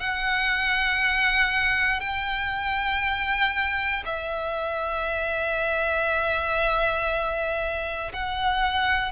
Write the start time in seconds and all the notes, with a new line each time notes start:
0.00 F#5
2.00 G5
4.06 E5
8.13 F#5